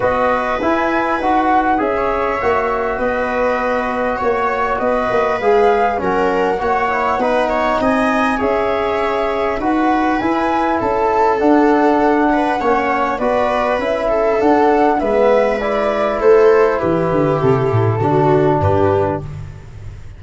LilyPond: <<
  \new Staff \with { instrumentName = "flute" } { \time 4/4 \tempo 4 = 100 dis''4 gis''4 fis''4 e''4~ | e''4 dis''2 cis''4 | dis''4 f''4 fis''2~ | fis''4 gis''4 e''2 |
fis''4 gis''4 a''4 fis''4~ | fis''2 d''4 e''4 | fis''4 e''4 d''4 c''4 | b'4 a'2 b'4 | }
  \new Staff \with { instrumentName = "viola" } { \time 4/4 b'2.~ b'16 cis''8.~ | cis''4 b'2 cis''4 | b'2 ais'4 cis''4 | b'8 cis''8 dis''4 cis''2 |
b'2 a'2~ | a'8 b'8 cis''4 b'4. a'8~ | a'4 b'2 a'4 | g'2 fis'4 g'4 | }
  \new Staff \with { instrumentName = "trombone" } { \time 4/4 fis'4 e'4 fis'4 gis'4 | fis'1~ | fis'4 gis'4 cis'4 fis'8 e'8 | dis'2 gis'2 |
fis'4 e'2 d'4~ | d'4 cis'4 fis'4 e'4 | d'4 b4 e'2~ | e'2 d'2 | }
  \new Staff \with { instrumentName = "tuba" } { \time 4/4 b4 e'4 dis'4 cis'4 | ais4 b2 ais4 | b8 ais8 gis4 fis4 ais4 | b4 c'4 cis'2 |
dis'4 e'4 cis'4 d'4~ | d'4 ais4 b4 cis'4 | d'4 gis2 a4 | e8 d8 c8 a,8 d4 g,4 | }
>>